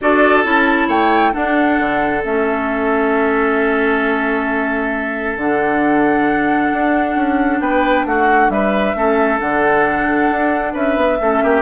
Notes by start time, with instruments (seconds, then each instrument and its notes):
0.01 bassoon D4, clarinet F#4, oboe A4, flute D5
0.42 bassoon C#4, clarinet E4, flute A5
0.87 bassoon A3, oboe C#5, flute G5
1.33 clarinet D4, bassoon D4, oboe A4, flute F#5
1.79 bassoon D3
2.24 bassoon A3, clarinet C#4, flute E5
5.36 bassoon D3, clarinet D4, flute F#5
6.72 bassoon D4
7.15 bassoon C#4
7.60 bassoon B3, oboe B4, flute G5
8.05 bassoon A3, oboe F#4, flute F#5
8.49 bassoon G3, oboe B4, flute E5
8.95 bassoon A3, clarinet C#4, oboe A4
9.39 bassoon D3, clarinet D4, flute F#5
10.30 bassoon D4
10.73 bassoon C#4, oboe B4, flute E5
10.96 bassoon B3
11.20 bassoon A3, clarinet C#4, oboe A4
11.43 bassoon A#3, oboe G4